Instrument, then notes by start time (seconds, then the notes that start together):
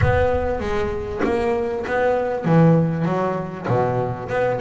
double bass
0.01 B3
0.60 G#3
1.24 A#3
1.86 B3
2.44 E3
3.05 F#3
3.67 B2
4.29 B3